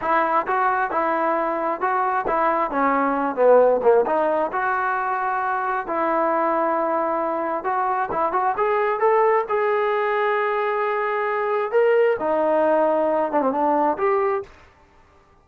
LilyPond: \new Staff \with { instrumentName = "trombone" } { \time 4/4 \tempo 4 = 133 e'4 fis'4 e'2 | fis'4 e'4 cis'4. b8~ | b8 ais8 dis'4 fis'2~ | fis'4 e'2.~ |
e'4 fis'4 e'8 fis'8 gis'4 | a'4 gis'2.~ | gis'2 ais'4 dis'4~ | dis'4. d'16 c'16 d'4 g'4 | }